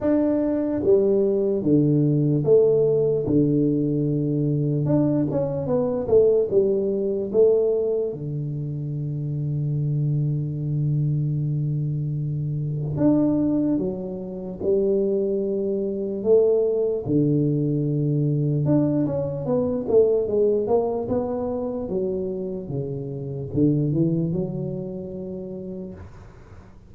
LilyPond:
\new Staff \with { instrumentName = "tuba" } { \time 4/4 \tempo 4 = 74 d'4 g4 d4 a4 | d2 d'8 cis'8 b8 a8 | g4 a4 d2~ | d1 |
d'4 fis4 g2 | a4 d2 d'8 cis'8 | b8 a8 gis8 ais8 b4 fis4 | cis4 d8 e8 fis2 | }